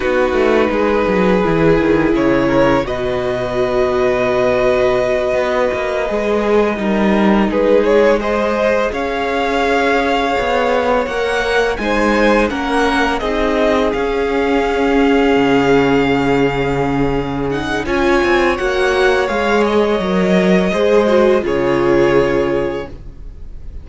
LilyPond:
<<
  \new Staff \with { instrumentName = "violin" } { \time 4/4 \tempo 4 = 84 b'2. cis''4 | dis''1~ | dis''2~ dis''8 b'8 cis''8 dis''8~ | dis''8 f''2. fis''8~ |
fis''8 gis''4 fis''4 dis''4 f''8~ | f''1~ | f''8 fis''8 gis''4 fis''4 f''8 dis''8~ | dis''2 cis''2 | }
  \new Staff \with { instrumentName = "violin" } { \time 4/4 fis'4 gis'2~ gis'8 ais'8 | b'1~ | b'4. ais'4 gis'4 c''8~ | c''8 cis''2.~ cis''8~ |
cis''8 c''4 ais'4 gis'4.~ | gis'1~ | gis'4 cis''2.~ | cis''4 c''4 gis'2 | }
  \new Staff \with { instrumentName = "viola" } { \time 4/4 dis'2 e'2 | fis'1~ | fis'8 gis'4 dis'2 gis'8~ | gis'2.~ gis'8 ais'8~ |
ais'8 dis'4 cis'4 dis'4 cis'8~ | cis'1~ | cis'8 dis'8 f'4 fis'4 gis'4 | ais'4 gis'8 fis'8 f'2 | }
  \new Staff \with { instrumentName = "cello" } { \time 4/4 b8 a8 gis8 fis8 e8 dis8 cis4 | b,2.~ b,8 b8 | ais8 gis4 g4 gis4.~ | gis8 cis'2 b4 ais8~ |
ais8 gis4 ais4 c'4 cis'8~ | cis'4. cis2~ cis8~ | cis4 cis'8 c'8 ais4 gis4 | fis4 gis4 cis2 | }
>>